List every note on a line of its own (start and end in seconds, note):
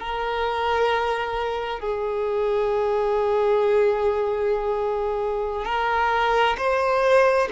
0.00 1.81 A#4
1.81 5.65 G#4
5.65 6.56 A#4
6.58 7.49 C5